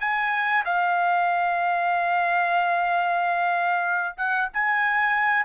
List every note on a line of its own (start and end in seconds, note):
0.00 0.64 G#5
0.65 4.16 F5
4.17 4.49 F#5
4.53 5.45 G#5